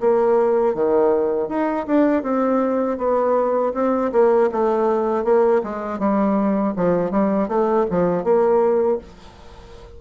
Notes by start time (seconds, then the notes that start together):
0.00 A#3
0.74 D#3
1.48 D#4
1.86 D4
2.22 C4
2.97 B3
3.73 C4
4.12 A#3
4.51 A3
5.24 A#3
5.63 G#3
5.99 G3
6.76 F3
7.10 G3
7.48 A3
7.90 F3
8.23 A#3